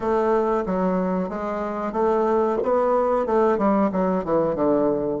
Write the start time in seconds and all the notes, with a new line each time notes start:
0.00 A3
0.66 F#3
1.29 G#3
1.92 A3
2.62 B3
3.26 A3
3.58 G3
3.92 F#3
4.24 E3
4.55 D3